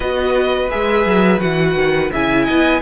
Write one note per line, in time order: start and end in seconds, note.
0.00 0.69 B3
0.00 0.69 F#4
0.00 2.11 B4
0.00 0.70 D#5
0.70 1.05 G#3
0.70 1.39 G#4
0.70 1.39 E5
1.05 1.41 F#3
1.39 1.75 E3
1.39 2.10 F#4
1.39 2.10 F#5
1.75 2.10 D#3
2.11 2.48 C#3
2.11 2.81 E4
2.11 2.44 E5
2.11 2.81 G#5
2.44 2.81 B3
2.44 2.80 D#5